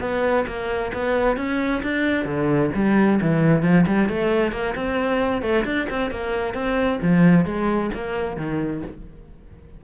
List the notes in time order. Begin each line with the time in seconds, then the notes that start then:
0.00 B3
0.47 A#3
0.93 B3
1.37 C#4
1.83 D4
2.25 D3
2.75 G3
3.21 E3
3.63 F3
3.87 G3
4.09 A3
4.52 A#3
4.75 C4
5.42 A3
5.65 D4
5.90 C4
6.11 A#3
6.54 C4
7.02 F3
7.45 G#3
7.94 A#3
8.37 D#3